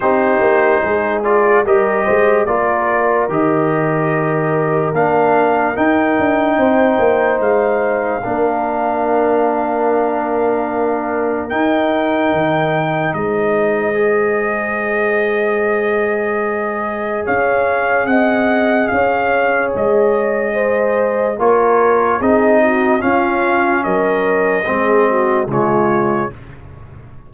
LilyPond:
<<
  \new Staff \with { instrumentName = "trumpet" } { \time 4/4 \tempo 4 = 73 c''4. d''8 dis''4 d''4 | dis''2 f''4 g''4~ | g''4 f''2.~ | f''2 g''2 |
dis''1~ | dis''4 f''4 fis''4 f''4 | dis''2 cis''4 dis''4 | f''4 dis''2 cis''4 | }
  \new Staff \with { instrumentName = "horn" } { \time 4/4 g'4 gis'4 ais'8 c''8 ais'4~ | ais'1 | c''2 ais'2~ | ais'1 |
c''1~ | c''4 cis''4 dis''4 cis''4~ | cis''4 c''4 ais'4 gis'8 fis'8 | f'4 ais'4 gis'8 fis'8 f'4 | }
  \new Staff \with { instrumentName = "trombone" } { \time 4/4 dis'4. f'8 g'4 f'4 | g'2 d'4 dis'4~ | dis'2 d'2~ | d'2 dis'2~ |
dis'4 gis'2.~ | gis'1~ | gis'2 f'4 dis'4 | cis'2 c'4 gis4 | }
  \new Staff \with { instrumentName = "tuba" } { \time 4/4 c'8 ais8 gis4 g8 gis8 ais4 | dis2 ais4 dis'8 d'8 | c'8 ais8 gis4 ais2~ | ais2 dis'4 dis4 |
gis1~ | gis4 cis'4 c'4 cis'4 | gis2 ais4 c'4 | cis'4 fis4 gis4 cis4 | }
>>